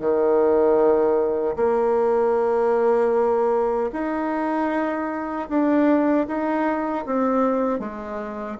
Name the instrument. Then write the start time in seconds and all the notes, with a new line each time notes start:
bassoon
0.00 D#3
1.56 A#3
3.92 D#4
5.49 D4
6.27 D#4
7.06 C4
7.79 G#3